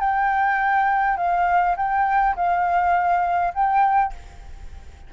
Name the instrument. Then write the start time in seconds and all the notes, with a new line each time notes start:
flute
0.00 G5
1.17 F5
1.76 G5
2.36 F5
3.54 G5